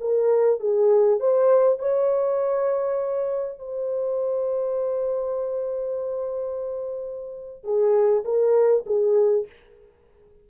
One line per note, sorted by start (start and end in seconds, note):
0.00 0.59 A#4
0.59 1.19 G#4
1.19 1.79 C5
1.79 3.58 C#5
3.58 7.63 C5
7.63 8.23 G#4
8.24 8.84 A#4
8.86 9.46 G#4